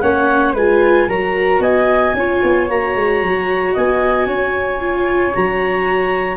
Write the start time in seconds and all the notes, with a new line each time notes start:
0.00 A#3 C#4 C#5 F#5
0.54 G#3 F4 B4 G#5
1.07 F#3 F#4 A#4 A#5
1.60 B3 D#5 G#5
2.14 C#4 F4 C#5
2.43 B3
2.69 A#3 F#4 A#5
2.95 G#3
3.22 F#3
3.73 B3 D#5 G#5
4.26 C#4 C#5
4.80 F4
5.34 F#3 F#4 A#5